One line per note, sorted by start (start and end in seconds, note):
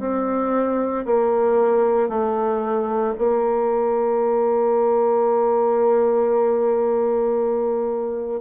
0.00 1.05 C4
1.06 2.09 A#3
2.09 3.14 A3
3.18 8.41 A#3